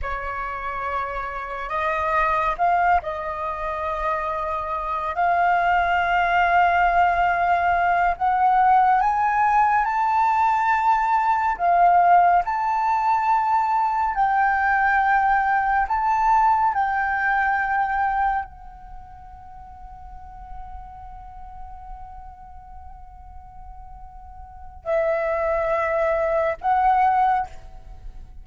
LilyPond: \new Staff \with { instrumentName = "flute" } { \time 4/4 \tempo 4 = 70 cis''2 dis''4 f''8 dis''8~ | dis''2 f''2~ | f''4. fis''4 gis''4 a''8~ | a''4. f''4 a''4.~ |
a''8 g''2 a''4 g''8~ | g''4. fis''2~ fis''8~ | fis''1~ | fis''4 e''2 fis''4 | }